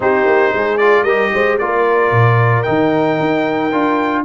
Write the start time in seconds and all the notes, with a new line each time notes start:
0.00 C4 D#4 G4 C5
0.25 A#3
0.53 G#3 G#4
0.77 F4 D5
1.03 G3 G4 A#4 D#5
1.34 G#3 C5
1.58 A#3 F4 A#4 D5
2.11 A#2
2.62 D#3 D#4 G5
3.20 D#4
3.72 D4 F4